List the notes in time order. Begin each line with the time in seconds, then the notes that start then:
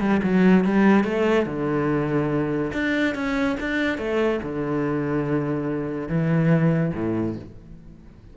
0.00 G3
0.23 F#3
0.65 G3
1.04 A3
1.46 D3
2.73 D4
3.15 C#4
3.60 D4
3.98 A3
4.43 D3
6.09 E3
6.94 A2